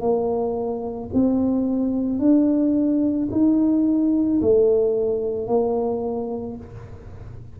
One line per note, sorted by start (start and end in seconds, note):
0.00 1.09 A#3
1.14 2.19 C4
2.19 3.28 D4
3.31 4.40 D#4
4.41 5.47 A3
5.47 6.56 A#3